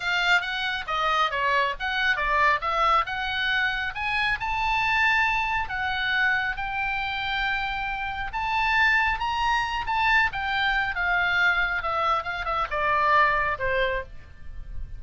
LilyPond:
\new Staff \with { instrumentName = "oboe" } { \time 4/4 \tempo 4 = 137 f''4 fis''4 dis''4 cis''4 | fis''4 d''4 e''4 fis''4~ | fis''4 gis''4 a''2~ | a''4 fis''2 g''4~ |
g''2. a''4~ | a''4 ais''4. a''4 g''8~ | g''4 f''2 e''4 | f''8 e''8 d''2 c''4 | }